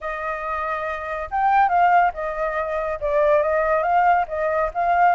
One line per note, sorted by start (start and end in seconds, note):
0.00 1.29 D#5
1.30 1.69 G5
1.69 2.11 F5
2.13 2.99 D#5
3.00 3.42 D5
3.42 3.82 D#5
3.82 4.25 F5
4.27 4.70 D#5
4.74 5.15 F5